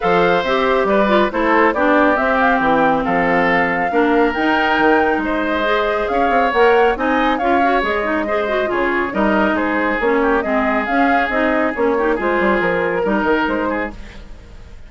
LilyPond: <<
  \new Staff \with { instrumentName = "flute" } { \time 4/4 \tempo 4 = 138 f''4 e''4 d''4 c''4 | d''4 e''8 f''8 g''4 f''4~ | f''2 g''2 | dis''2 f''4 fis''4 |
gis''4 f''4 dis''2 | cis''4 dis''4 c''4 cis''4 | dis''4 f''4 dis''4 cis''4 | c''4 ais'2 c''4 | }
  \new Staff \with { instrumentName = "oboe" } { \time 4/4 c''2 b'4 a'4 | g'2. a'4~ | a'4 ais'2. | c''2 cis''2 |
dis''4 cis''2 c''4 | gis'4 ais'4 gis'4. g'8 | gis'2.~ gis'8 g'8 | gis'2 ais'4. gis'8 | }
  \new Staff \with { instrumentName = "clarinet" } { \time 4/4 a'4 g'4. f'8 e'4 | d'4 c'2.~ | c'4 d'4 dis'2~ | dis'4 gis'2 ais'4 |
dis'4 f'8 fis'8 gis'8 dis'8 gis'8 fis'8 | f'4 dis'2 cis'4 | c'4 cis'4 dis'4 cis'8 dis'8 | f'2 dis'2 | }
  \new Staff \with { instrumentName = "bassoon" } { \time 4/4 f4 c'4 g4 a4 | b4 c'4 e4 f4~ | f4 ais4 dis'4 dis4 | gis2 cis'8 c'8 ais4 |
c'4 cis'4 gis2 | cis4 g4 gis4 ais4 | gis4 cis'4 c'4 ais4 | gis8 g8 f4 g8 dis8 gis4 | }
>>